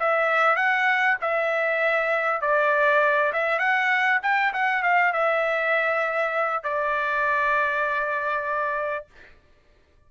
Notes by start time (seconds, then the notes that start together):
0.00 E5
0.57 F#5
1.22 E5
2.42 D5
3.33 E5
3.60 F#5
4.23 G5
4.54 F#5
4.83 F5
5.13 E5
6.64 D5